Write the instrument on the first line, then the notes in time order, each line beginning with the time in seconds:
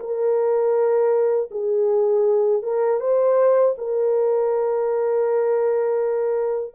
horn
0.00 A#4
1.51 G#4
2.63 A#4
3.01 C5
3.78 A#4